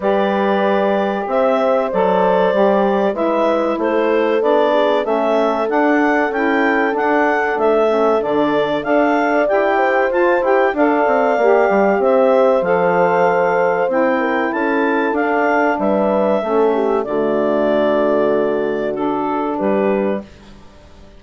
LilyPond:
<<
  \new Staff \with { instrumentName = "clarinet" } { \time 4/4 \tempo 4 = 95 d''2 e''4 d''4~ | d''4 e''4 c''4 d''4 | e''4 fis''4 g''4 fis''4 | e''4 d''4 f''4 g''4 |
a''8 g''8 f''2 e''4 | f''2 g''4 a''4 | f''4 e''2 d''4~ | d''2 a'4 b'4 | }
  \new Staff \with { instrumentName = "horn" } { \time 4/4 b'2 c''2~ | c''4 b'4 a'4. gis'8 | a'1~ | a'2 d''4. c''8~ |
c''4 d''2 c''4~ | c''2~ c''8 ais'8 a'4~ | a'4 b'4 a'8 g'8 fis'4~ | fis'2. g'4 | }
  \new Staff \with { instrumentName = "saxophone" } { \time 4/4 g'2. a'4 | g'4 e'2 d'4 | cis'4 d'4 e'4 d'4~ | d'8 cis'8 d'4 a'4 g'4 |
f'8 g'8 a'4 g'2 | a'2 e'2 | d'2 cis'4 a4~ | a2 d'2 | }
  \new Staff \with { instrumentName = "bassoon" } { \time 4/4 g2 c'4 fis4 | g4 gis4 a4 b4 | a4 d'4 cis'4 d'4 | a4 d4 d'4 e'4 |
f'8 e'8 d'8 c'8 ais8 g8 c'4 | f2 c'4 cis'4 | d'4 g4 a4 d4~ | d2. g4 | }
>>